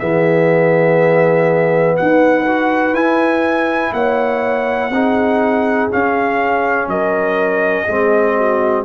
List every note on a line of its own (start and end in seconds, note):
0.00 1.99 E3
0.00 2.46 B3
0.00 1.97 G#4
0.00 1.97 E5
1.97 2.93 D#4
1.97 3.94 B4
1.97 2.95 F#5
2.47 2.95 F#4
2.93 3.91 E4
2.93 4.92 E4
2.93 3.93 G#5
3.93 4.90 A#3
3.93 4.93 C#5
3.93 5.91 F#5
4.90 5.89 C4
4.90 5.91 D#4
4.90 6.91 G#4
5.91 7.88 C#4
5.91 6.88 C#4
5.91 6.89 F5
6.88 7.86 F#3
6.88 7.85 A#4
6.88 8.85 D#5
7.85 8.85 G#3
7.85 8.85 C4
7.85 8.35 G#4
8.36 8.85 F#4